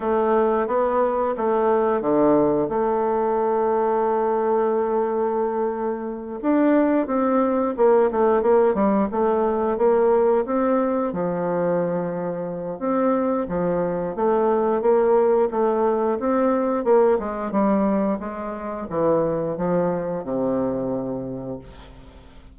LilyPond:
\new Staff \with { instrumentName = "bassoon" } { \time 4/4 \tempo 4 = 89 a4 b4 a4 d4 | a1~ | a4. d'4 c'4 ais8 | a8 ais8 g8 a4 ais4 c'8~ |
c'8 f2~ f8 c'4 | f4 a4 ais4 a4 | c'4 ais8 gis8 g4 gis4 | e4 f4 c2 | }